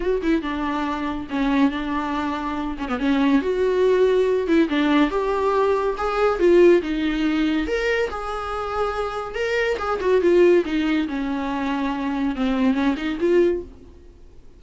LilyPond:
\new Staff \with { instrumentName = "viola" } { \time 4/4 \tempo 4 = 141 fis'8 e'8 d'2 cis'4 | d'2~ d'8 cis'16 b16 cis'4 | fis'2~ fis'8 e'8 d'4 | g'2 gis'4 f'4 |
dis'2 ais'4 gis'4~ | gis'2 ais'4 gis'8 fis'8 | f'4 dis'4 cis'2~ | cis'4 c'4 cis'8 dis'8 f'4 | }